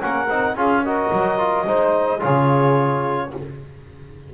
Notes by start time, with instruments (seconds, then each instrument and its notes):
0.00 double bass A#3, trombone C#4, saxophone A#4, clarinet F#5
0.29 double bass C4, trombone D#4
0.55 double bass C#4, trombone F4, saxophone G#4, clarinet F5
0.85 trombone F#4, saxophone A#4, clarinet D#5
1.12 double bass F#3
1.38 trombone F4
1.67 double bass G#3, trombone D#4, saxophone C5
2.20 double bass C#3, trombone F4, saxophone G#4, clarinet C#5